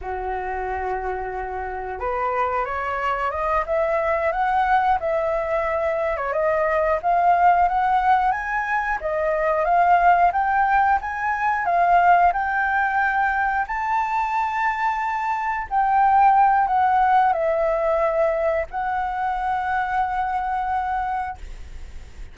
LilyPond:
\new Staff \with { instrumentName = "flute" } { \time 4/4 \tempo 4 = 90 fis'2. b'4 | cis''4 dis''8 e''4 fis''4 e''8~ | e''4~ e''16 cis''16 dis''4 f''4 fis''8~ | fis''8 gis''4 dis''4 f''4 g''8~ |
g''8 gis''4 f''4 g''4.~ | g''8 a''2. g''8~ | g''4 fis''4 e''2 | fis''1 | }